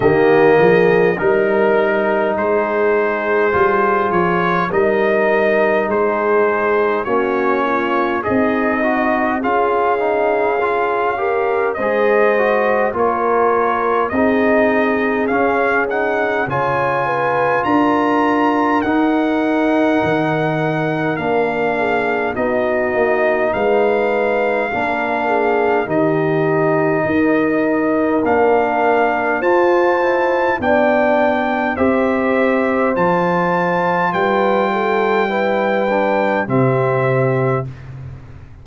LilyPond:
<<
  \new Staff \with { instrumentName = "trumpet" } { \time 4/4 \tempo 4 = 51 dis''4 ais'4 c''4. cis''8 | dis''4 c''4 cis''4 dis''4 | f''2 dis''4 cis''4 | dis''4 f''8 fis''8 gis''4 ais''4 |
fis''2 f''4 dis''4 | f''2 dis''2 | f''4 a''4 g''4 e''4 | a''4 g''2 e''4 | }
  \new Staff \with { instrumentName = "horn" } { \time 4/4 g'8 gis'8 ais'4 gis'2 | ais'4 gis'4 fis'8 f'8 dis'4 | gis'4. ais'8 c''4 ais'4 | gis'2 cis''8 b'8 ais'4~ |
ais'2~ ais'8 gis'8 fis'4 | b'4 ais'8 gis'8 g'4 ais'4~ | ais'4 c''4 d''4 c''4~ | c''4 b'8 a'8 b'4 g'4 | }
  \new Staff \with { instrumentName = "trombone" } { \time 4/4 ais4 dis'2 f'4 | dis'2 cis'4 gis'8 fis'8 | f'8 dis'8 f'8 g'8 gis'8 fis'8 f'4 | dis'4 cis'8 dis'8 f'2 |
dis'2 d'4 dis'4~ | dis'4 d'4 dis'2 | d'4 f'8 e'8 d'4 g'4 | f'2 e'8 d'8 c'4 | }
  \new Staff \with { instrumentName = "tuba" } { \time 4/4 dis8 f8 g4 gis4 g8 f8 | g4 gis4 ais4 c'4 | cis'2 gis4 ais4 | c'4 cis'4 cis4 d'4 |
dis'4 dis4 ais4 b8 ais8 | gis4 ais4 dis4 dis'4 | ais4 f'4 b4 c'4 | f4 g2 c4 | }
>>